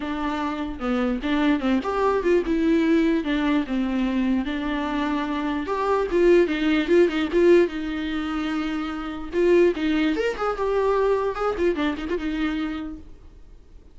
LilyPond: \new Staff \with { instrumentName = "viola" } { \time 4/4 \tempo 4 = 148 d'2 b4 d'4 | c'8 g'4 f'8 e'2 | d'4 c'2 d'4~ | d'2 g'4 f'4 |
dis'4 f'8 dis'8 f'4 dis'4~ | dis'2. f'4 | dis'4 ais'8 gis'8 g'2 | gis'8 f'8 d'8 dis'16 f'16 dis'2 | }